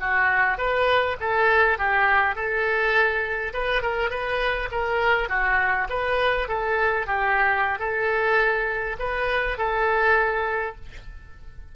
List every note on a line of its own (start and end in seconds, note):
0.00 0.58 F#4
0.58 1.17 B4
1.20 1.78 A4
1.78 2.36 G4
2.36 3.53 A4
3.53 3.83 B4
3.83 4.10 A#4
4.10 4.69 B4
4.72 5.29 A#4
5.29 5.88 F#4
5.90 6.48 B4
6.48 7.07 A4
7.07 7.79 G4
7.79 8.97 A4
8.99 9.58 B4
9.58 10.76 A4